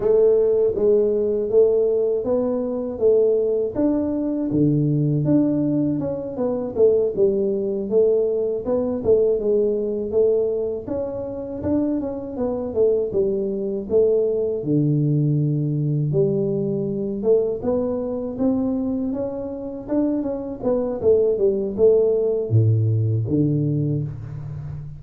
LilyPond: \new Staff \with { instrumentName = "tuba" } { \time 4/4 \tempo 4 = 80 a4 gis4 a4 b4 | a4 d'4 d4 d'4 | cis'8 b8 a8 g4 a4 b8 | a8 gis4 a4 cis'4 d'8 |
cis'8 b8 a8 g4 a4 d8~ | d4. g4. a8 b8~ | b8 c'4 cis'4 d'8 cis'8 b8 | a8 g8 a4 a,4 d4 | }